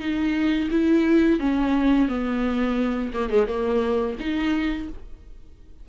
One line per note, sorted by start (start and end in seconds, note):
0.00 0.69 D#4
0.71 1.40 E4
1.40 2.08 C#4
2.08 3.12 B3
3.14 3.30 A#3
3.30 3.47 G#3
3.47 4.16 A#3
4.20 4.89 D#4